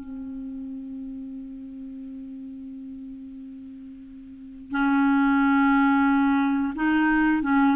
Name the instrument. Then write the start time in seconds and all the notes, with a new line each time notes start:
clarinet
0.00 C4
4.71 C#4
6.75 D#4
7.42 C#4